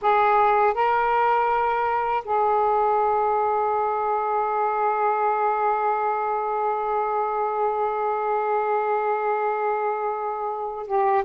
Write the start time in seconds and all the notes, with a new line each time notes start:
0.01 G#4
0.74 A#4
2.24 G#4
10.86 G4